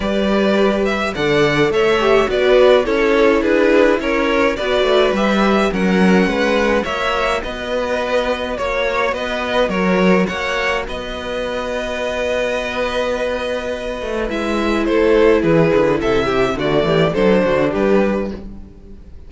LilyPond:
<<
  \new Staff \with { instrumentName = "violin" } { \time 4/4 \tempo 4 = 105 d''4. e''8 fis''4 e''4 | d''4 cis''4 b'4 cis''4 | d''4 e''4 fis''2 | e''4 dis''2 cis''4 |
dis''4 cis''4 fis''4 dis''4~ | dis''1~ | dis''4 e''4 c''4 b'4 | e''4 d''4 c''4 b'4 | }
  \new Staff \with { instrumentName = "violin" } { \time 4/4 b'2 d''4 cis''4 | b'4 a'4 gis'4 ais'4 | b'2 ais'4 b'4 | cis''4 b'2 cis''4 |
b'4 ais'4 cis''4 b'4~ | b'1~ | b'2 a'4 gis'4 | a'8 g'8 fis'8 g'8 a'8 fis'8 g'4 | }
  \new Staff \with { instrumentName = "viola" } { \time 4/4 g'2 a'4. g'8 | fis'4 e'2. | fis'4 g'4 cis'2 | fis'1~ |
fis'1~ | fis'1~ | fis'4 e'2.~ | e'4 a4 d'2 | }
  \new Staff \with { instrumentName = "cello" } { \time 4/4 g2 d4 a4 | b4 cis'4 d'4 cis'4 | b8 a8 g4 fis4 gis4 | ais4 b2 ais4 |
b4 fis4 ais4 b4~ | b1~ | b8 a8 gis4 a4 e8 d8 | c4 d8 e8 fis8 d8 g4 | }
>>